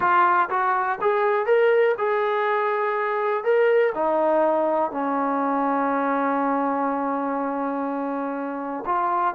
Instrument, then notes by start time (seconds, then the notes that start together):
trombone
0.00 F4
0.49 F#4
1.01 G#4
1.46 A#4
1.97 G#4
3.43 A#4
3.95 D#4
4.91 C#4
8.85 F4